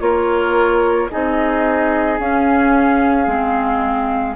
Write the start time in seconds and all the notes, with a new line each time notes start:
0.00 A#3 F4 A#4 C#5
1.10 C4 D#4 G#4 D#5
2.19 C#4 F5
3.26 G#3 C4